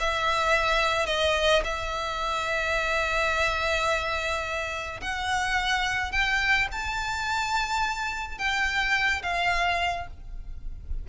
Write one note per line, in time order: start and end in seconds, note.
0.00 1.07 E5
1.07 1.63 D#5
1.65 5.01 E5
5.01 6.12 F#5
6.12 6.68 G5
6.72 8.39 A5
8.39 9.23 G5
9.23 10.07 F5